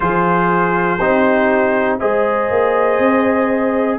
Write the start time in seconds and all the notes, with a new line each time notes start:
0.00 F3 F4 G#4 C5
0.98 C4 D#4 G4
1.98 G#3 G#4 C5 D#5
2.50 A#3
2.99 C4